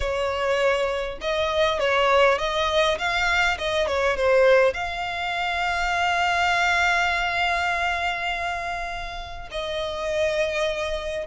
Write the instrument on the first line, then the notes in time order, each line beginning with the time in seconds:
violin
0.00 C#5
1.21 D#5
1.79 C#5
2.38 D#5
2.98 F5
3.58 D#5
3.87 C#5
4.16 C5
4.73 F5
9.51 D#5